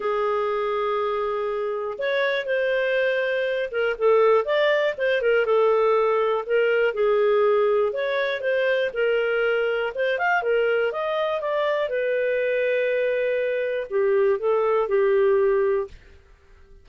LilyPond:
\new Staff \with { instrumentName = "clarinet" } { \time 4/4 \tempo 4 = 121 gis'1 | cis''4 c''2~ c''8 ais'8 | a'4 d''4 c''8 ais'8 a'4~ | a'4 ais'4 gis'2 |
cis''4 c''4 ais'2 | c''8 f''8 ais'4 dis''4 d''4 | b'1 | g'4 a'4 g'2 | }